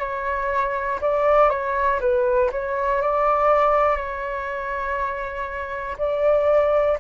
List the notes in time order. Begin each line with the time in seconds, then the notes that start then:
0.00 C#5
1.02 D5
1.50 C#5
2.01 B4
2.52 C#5
3.02 D5
3.97 C#5
5.98 D5